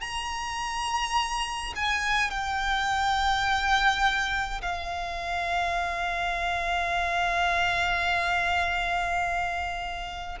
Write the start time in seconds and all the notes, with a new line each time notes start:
0.00 A#5
1.75 G#5
2.30 G5
4.61 F5